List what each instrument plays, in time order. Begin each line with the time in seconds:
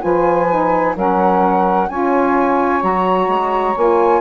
0.00 bassoon F3, saxophone F4 B4, flute G#5
0.50 saxophone D#4
0.95 bassoon F#3, saxophone C#4 A#4, flute F#5
1.89 bassoon C#4, saxophone F4 C#5, flute G#5
2.81 bassoon F#3, saxophone F#4, flute A#5
3.28 bassoon G#3
3.77 bassoon A#3, saxophone F4, flute G#5